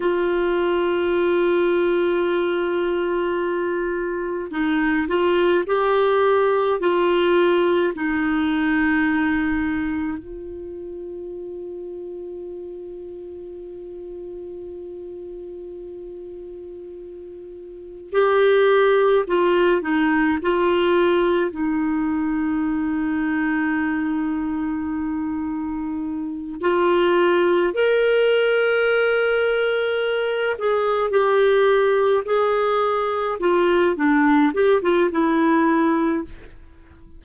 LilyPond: \new Staff \with { instrumentName = "clarinet" } { \time 4/4 \tempo 4 = 53 f'1 | dis'8 f'8 g'4 f'4 dis'4~ | dis'4 f'2.~ | f'1 |
g'4 f'8 dis'8 f'4 dis'4~ | dis'2.~ dis'8 f'8~ | f'8 ais'2~ ais'8 gis'8 g'8~ | g'8 gis'4 f'8 d'8 g'16 f'16 e'4 | }